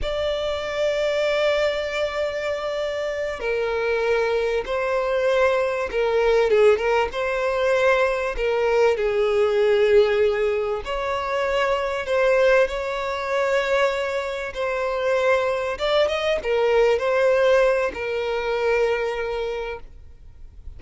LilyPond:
\new Staff \with { instrumentName = "violin" } { \time 4/4 \tempo 4 = 97 d''1~ | d''4. ais'2 c''8~ | c''4. ais'4 gis'8 ais'8 c''8~ | c''4. ais'4 gis'4.~ |
gis'4. cis''2 c''8~ | c''8 cis''2. c''8~ | c''4. d''8 dis''8 ais'4 c''8~ | c''4 ais'2. | }